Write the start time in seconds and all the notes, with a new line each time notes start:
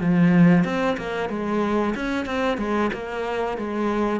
0.00 F3
0.64 C4
0.97 A#3
1.29 G#3
1.95 C#4
2.25 C4
2.57 G#3
2.93 A#3
3.57 G#3